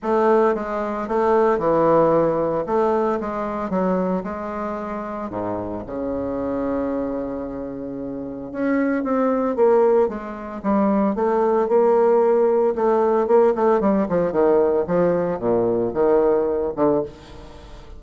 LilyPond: \new Staff \with { instrumentName = "bassoon" } { \time 4/4 \tempo 4 = 113 a4 gis4 a4 e4~ | e4 a4 gis4 fis4 | gis2 gis,4 cis4~ | cis1 |
cis'4 c'4 ais4 gis4 | g4 a4 ais2 | a4 ais8 a8 g8 f8 dis4 | f4 ais,4 dis4. d8 | }